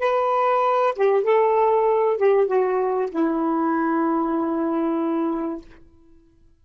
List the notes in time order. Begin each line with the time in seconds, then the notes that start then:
0.00 B4
0.96 G4
1.24 A4
2.17 G4
2.47 F#4
3.11 E4